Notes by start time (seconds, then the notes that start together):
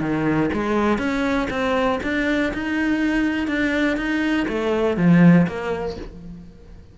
0.00 D#3
0.53 G#3
0.98 C#4
1.50 C4
2.03 D4
2.53 D#4
3.47 D4
3.97 D#4
4.48 A3
4.97 F3
5.47 A#3